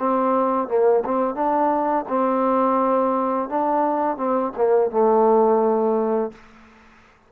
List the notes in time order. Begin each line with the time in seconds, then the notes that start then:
0.00 C4
0.69 A#3
1.06 C4
1.35 D4
2.09 C4
3.49 D4
4.17 C4
4.58 A#3
4.92 A3